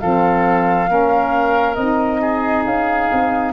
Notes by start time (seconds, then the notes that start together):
0.00 F3 C4 A4 F5
0.87 A#3 C#4 A#4
1.75 C4 D#4 D#5
2.21 G#4
2.65 C#4 F5
3.12 C4